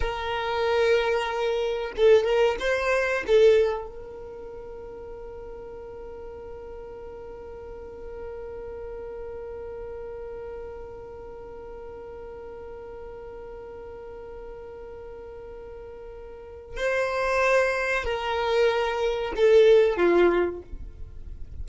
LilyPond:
\new Staff \with { instrumentName = "violin" } { \time 4/4 \tempo 4 = 93 ais'2. a'8 ais'8 | c''4 a'4 ais'2~ | ais'1~ | ais'1~ |
ais'1~ | ais'1~ | ais'2 c''2 | ais'2 a'4 f'4 | }